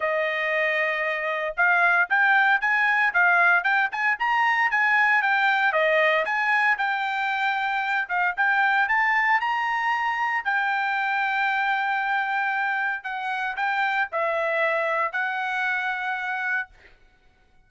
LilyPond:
\new Staff \with { instrumentName = "trumpet" } { \time 4/4 \tempo 4 = 115 dis''2. f''4 | g''4 gis''4 f''4 g''8 gis''8 | ais''4 gis''4 g''4 dis''4 | gis''4 g''2~ g''8 f''8 |
g''4 a''4 ais''2 | g''1~ | g''4 fis''4 g''4 e''4~ | e''4 fis''2. | }